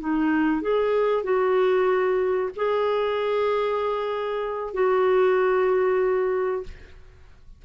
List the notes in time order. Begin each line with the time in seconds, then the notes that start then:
0.00 D#4
0.61 G#4
1.23 F#4
2.56 G#4
4.74 F#4